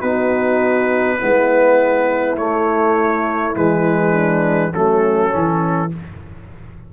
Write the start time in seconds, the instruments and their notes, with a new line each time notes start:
0.00 tuba B3, trombone D#4, horn F#4, trumpet B4
1.18 tuba G#3, trombone B3, horn E4
2.37 tuba A3, trombone A3, trumpet C#5
3.54 tuba E3, trombone G#3, trumpet B4
4.11 horn D4
4.74 tuba F#3, trombone A3, horn C#4, trumpet A4
5.30 tuba E3, trombone C#4